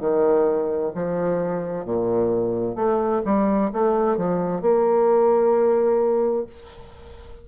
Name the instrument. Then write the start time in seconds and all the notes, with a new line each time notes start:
bassoon
0.00 D#3
0.95 F3
1.85 A#2
2.76 A3
3.25 G3
3.73 A3
4.17 F3
4.62 A#3